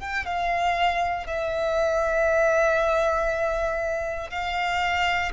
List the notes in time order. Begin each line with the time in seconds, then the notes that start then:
0.00 G5
0.25 F5
1.27 E5
4.30 F5